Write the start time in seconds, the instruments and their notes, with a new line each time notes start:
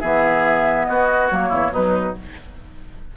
0.00 bassoon E3, clarinet B3, oboe G#4, flute E5
0.85 bassoon B3, oboe F#4, flute D#5
1.30 bassoon F#3, clarinet A#3, flute C#5
1.49 bassoon E2, oboe E4
1.72 bassoon B2, clarinet F#3, oboe D#4, flute B4